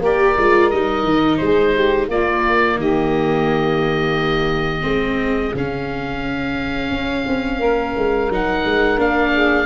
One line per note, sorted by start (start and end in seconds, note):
0.00 0.34 A#3
0.00 0.38 G4
0.00 1.39 A#4
0.00 0.70 D5
0.37 0.72 G#3
0.37 0.74 F4
0.70 1.04 G3
0.70 2.10 D#4
0.70 1.37 D#5
1.04 1.38 D#3
1.37 2.08 G#3
1.37 1.74 G#4
1.37 2.06 C5
1.74 2.07 G4
2.07 2.76 A#3
2.07 4.82 A#3
2.07 2.76 F4
2.07 2.80 D5
2.76 4.83 D#3
2.76 4.85 G4
2.76 5.56 D#5
4.82 5.52 G#3
4.82 5.51 C4
4.82 7.58 G#4
5.54 6.91 C#3
5.54 8.31 C#4
5.54 8.33 F5
6.91 7.25 C#4
7.27 7.60 C4
7.58 7.94 A#3
7.58 9.31 A#4
7.97 8.29 G#3
8.29 8.63 F#3
8.29 8.98 D#4
8.29 9.00 F#5
8.66 8.98 G#3
8.98 9.66 A#3
8.98 9.66 D4
8.98 9.66 F5
9.34 9.66 G#4